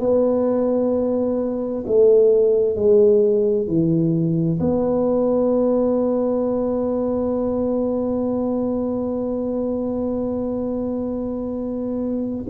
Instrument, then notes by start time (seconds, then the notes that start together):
tuba
0.00 B3
1.87 A3
2.76 G#3
3.67 E3
4.60 B3